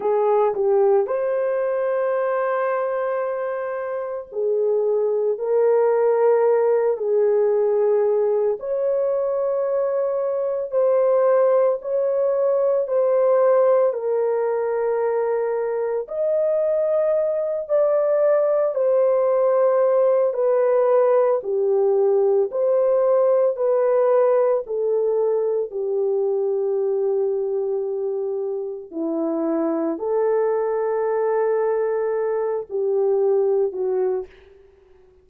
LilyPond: \new Staff \with { instrumentName = "horn" } { \time 4/4 \tempo 4 = 56 gis'8 g'8 c''2. | gis'4 ais'4. gis'4. | cis''2 c''4 cis''4 | c''4 ais'2 dis''4~ |
dis''8 d''4 c''4. b'4 | g'4 c''4 b'4 a'4 | g'2. e'4 | a'2~ a'8 g'4 fis'8 | }